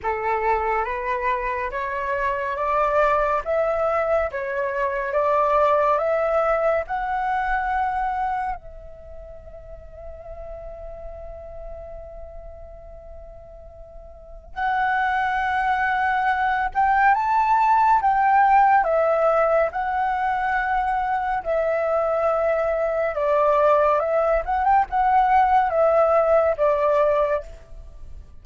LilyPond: \new Staff \with { instrumentName = "flute" } { \time 4/4 \tempo 4 = 70 a'4 b'4 cis''4 d''4 | e''4 cis''4 d''4 e''4 | fis''2 e''2~ | e''1~ |
e''4 fis''2~ fis''8 g''8 | a''4 g''4 e''4 fis''4~ | fis''4 e''2 d''4 | e''8 fis''16 g''16 fis''4 e''4 d''4 | }